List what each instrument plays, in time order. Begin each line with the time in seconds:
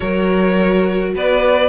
0.00 cello F#3, viola F#4, violin A#4 C#5
1.14 cello B3, violin B4 D5